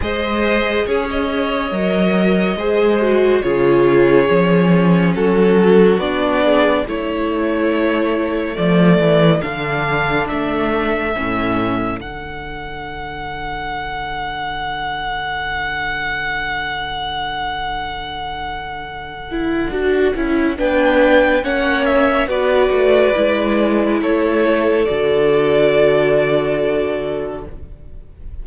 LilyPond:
<<
  \new Staff \with { instrumentName = "violin" } { \time 4/4 \tempo 4 = 70 dis''4 gis'16 dis''2~ dis''8. | cis''2 a'4 d''4 | cis''2 d''4 f''4 | e''2 fis''2~ |
fis''1~ | fis''1 | g''4 fis''8 e''8 d''2 | cis''4 d''2. | }
  \new Staff \with { instrumentName = "violin" } { \time 4/4 c''4 cis''2 c''4 | gis'2 fis'4. gis'8 | a'1~ | a'1~ |
a'1~ | a'1 | b'4 cis''4 b'2 | a'1 | }
  \new Staff \with { instrumentName = "viola" } { \time 4/4 gis'2 ais'4 gis'8 fis'8 | f'4 cis'2 d'4 | e'2 a4 d'4~ | d'4 cis'4 d'2~ |
d'1~ | d'2~ d'8 e'8 fis'8 e'8 | d'4 cis'4 fis'4 e'4~ | e'4 fis'2. | }
  \new Staff \with { instrumentName = "cello" } { \time 4/4 gis4 cis'4 fis4 gis4 | cis4 f4 fis4 b4 | a2 f8 e8 d4 | a4 a,4 d2~ |
d1~ | d2. d'8 cis'8 | b4 ais4 b8 a8 gis4 | a4 d2. | }
>>